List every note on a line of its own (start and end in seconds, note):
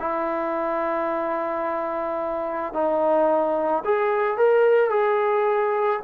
0.00 2.73 E4
2.73 3.84 D#4
3.85 4.38 G#4
4.38 4.90 A#4
4.90 6.00 G#4